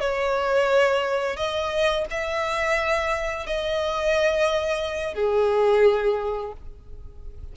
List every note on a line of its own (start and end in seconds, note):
0.00 1.36 C#5
1.36 2.05 D#5
2.11 3.46 E5
3.46 5.14 D#5
5.14 6.52 G#4